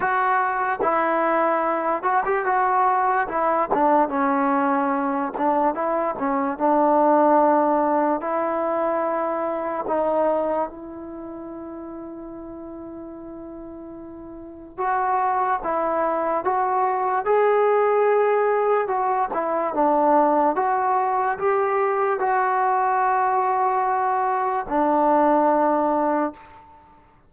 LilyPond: \new Staff \with { instrumentName = "trombone" } { \time 4/4 \tempo 4 = 73 fis'4 e'4. fis'16 g'16 fis'4 | e'8 d'8 cis'4. d'8 e'8 cis'8 | d'2 e'2 | dis'4 e'2.~ |
e'2 fis'4 e'4 | fis'4 gis'2 fis'8 e'8 | d'4 fis'4 g'4 fis'4~ | fis'2 d'2 | }